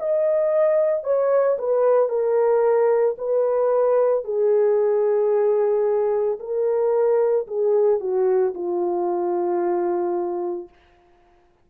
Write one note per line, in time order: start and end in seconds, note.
0.00 1.04 D#5
1.04 1.58 C#5
1.59 2.09 B4
2.09 3.17 A#4
3.19 4.25 B4
4.25 6.39 G#4
6.40 7.47 A#4
7.48 8.01 G#4
8.01 8.54 F#4
8.55 10.69 F4